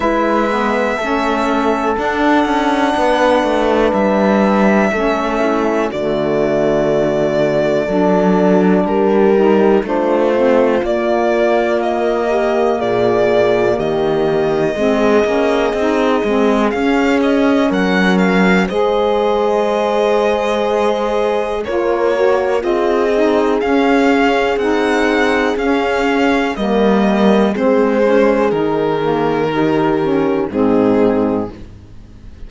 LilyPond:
<<
  \new Staff \with { instrumentName = "violin" } { \time 4/4 \tempo 4 = 61 e''2 fis''2 | e''2 d''2~ | d''4 ais'4 c''4 d''4 | dis''4 d''4 dis''2~ |
dis''4 f''8 dis''8 fis''8 f''8 dis''4~ | dis''2 cis''4 dis''4 | f''4 fis''4 f''4 dis''4 | c''4 ais'2 gis'4 | }
  \new Staff \with { instrumentName = "horn" } { \time 4/4 b'4 a'2 b'4~ | b'4 a'8 e'8 fis'2 | a'4 g'4 f'2~ | f'8 g'8 gis'4 g'4 gis'4~ |
gis'2 ais'4 c''4~ | c''2 ais'4 gis'4~ | gis'2. ais'4 | gis'2 g'4 dis'4 | }
  \new Staff \with { instrumentName = "saxophone" } { \time 4/4 e'8 b8 cis'4 d'2~ | d'4 cis'4 a2 | d'4. dis'8 d'8 c'8 ais4~ | ais2. c'8 cis'8 |
dis'8 c'8 cis'2 gis'4~ | gis'2 f'8 fis'8 f'8 dis'8 | cis'4 dis'4 cis'4 ais4 | c'8 cis'8 dis'8 ais8 dis'8 cis'8 c'4 | }
  \new Staff \with { instrumentName = "cello" } { \time 4/4 gis4 a4 d'8 cis'8 b8 a8 | g4 a4 d2 | fis4 g4 a4 ais4~ | ais4 ais,4 dis4 gis8 ais8 |
c'8 gis8 cis'4 fis4 gis4~ | gis2 ais4 c'4 | cis'4 c'4 cis'4 g4 | gis4 dis2 gis,4 | }
>>